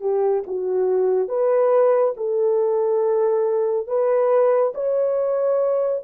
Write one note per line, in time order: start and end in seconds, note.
0.00 0.43 G4
0.47 1.28 F#4
1.28 2.14 B4
2.16 3.87 A4
3.87 4.73 B4
4.74 6.03 C#5